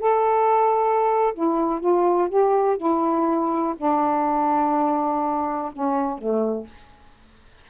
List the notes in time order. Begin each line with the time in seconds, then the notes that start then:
0.00 A4
1.34 E4
1.81 F4
2.29 G4
2.78 E4
3.77 D4
5.73 C#4
6.19 A3